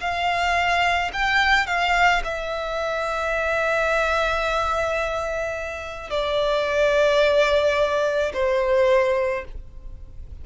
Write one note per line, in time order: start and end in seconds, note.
0.00 1.11 F5
1.13 1.67 G5
1.67 2.22 F5
2.24 6.10 E5
6.10 8.32 D5
8.33 9.44 C5